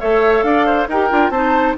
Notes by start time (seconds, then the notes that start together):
0.00 A3 A4 C#5 E5
0.43 D4 D5 F5
0.66 C5
0.88 D#4 G4 A#4 G5
1.10 D4 F4
1.30 C4 D#4 C5 A5